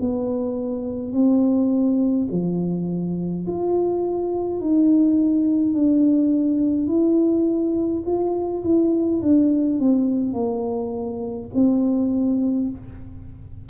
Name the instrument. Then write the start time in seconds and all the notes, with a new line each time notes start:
tuba
0.00 B3
1.12 C4
2.31 F3
3.47 F4
4.60 D#4
5.74 D4
6.88 E4
8.06 F4
8.64 E4
9.22 D4
9.79 C4
10.33 A#3
11.54 C4